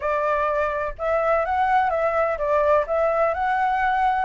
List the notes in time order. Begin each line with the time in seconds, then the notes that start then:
0.00 D5
0.98 E5
1.45 F#5
1.90 E5
2.37 D5
2.86 E5
3.34 F#5